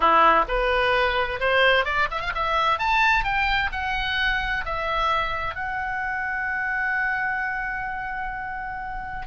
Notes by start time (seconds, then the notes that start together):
0.00 E4
0.48 B4
1.40 C5
1.84 D5
2.10 E5
2.21 F5
2.34 E5
2.79 A5
3.23 G5
3.71 F#5
4.65 E5
5.55 F#5